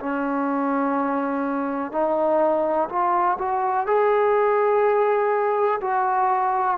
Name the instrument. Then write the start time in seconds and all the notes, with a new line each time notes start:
trombone
0.00 C#4
1.92 D#4
2.89 F4
3.38 F#4
3.87 G#4
5.82 F#4